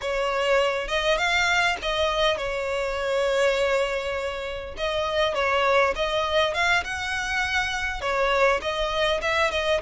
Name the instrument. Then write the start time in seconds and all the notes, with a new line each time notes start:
violin
0.01 C#5
0.87 D#5
1.17 F5
1.81 D#5
2.37 C#5
4.77 D#5
5.34 C#5
5.95 D#5
6.53 F5
6.84 F#5
8.01 C#5
8.61 D#5
9.21 E5
9.50 D#5